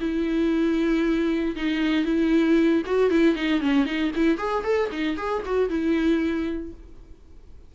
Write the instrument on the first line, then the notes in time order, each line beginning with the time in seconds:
viola
0.00 E4
1.56 D#4
2.05 E4
2.86 F#4
3.10 E4
3.35 D#4
3.61 C#4
3.85 D#4
4.15 E4
4.38 G#4
4.63 A4
4.92 D#4
5.17 G#4
5.45 F#4
5.69 E4